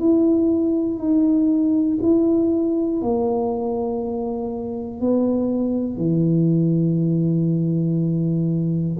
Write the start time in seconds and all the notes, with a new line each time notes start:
0.00 E4
0.99 D#4
2.02 E4
3.02 A#3
5.01 B3
5.97 E3